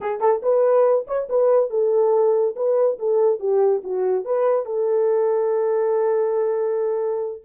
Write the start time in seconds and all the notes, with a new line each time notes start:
0.00 G#4
0.20 A4
0.42 B4
1.07 C#5
1.29 B4
1.70 A4
2.56 B4
2.98 A4
3.39 G4
3.83 F#4
4.24 B4
4.65 A4